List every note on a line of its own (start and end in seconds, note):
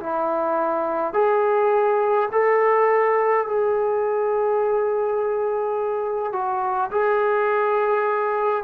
0.00 1.13 E4
1.13 2.29 G#4
2.32 3.47 A4
3.47 6.33 G#4
6.33 6.90 F#4
6.91 8.64 G#4